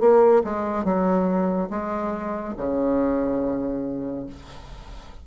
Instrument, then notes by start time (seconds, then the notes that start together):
bassoon
0.00 A#3
0.44 G#3
0.84 F#3
1.70 G#3
2.57 C#3